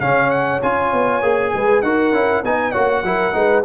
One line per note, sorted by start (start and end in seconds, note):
0.00 0.61 C#3
0.00 0.61 C#4
0.00 1.52 C#5
0.00 0.30 F5
0.30 0.60 F#5
0.62 0.92 C#4
0.62 1.22 F4
0.62 1.82 G#5
0.92 1.22 B3
1.22 1.52 A#3
1.22 1.83 G#4
1.54 1.82 G#3
1.54 1.84 B4
1.82 2.12 D#4
1.82 2.13 F#4
1.82 2.45 A#4
1.82 2.42 F#5
2.12 2.42 C#4
2.12 2.44 E4
2.44 2.74 B3
2.44 2.73 D#4
2.44 2.72 D#5
2.44 2.71 G#5
2.71 3.03 A#3
2.71 3.04 F#4
2.71 3.02 C#5
2.71 3.62 F#5
3.03 3.33 F#3
3.03 3.33 E4
3.03 3.36 A#4
3.33 3.64 G#3
3.33 3.63 D#4
3.33 3.65 B4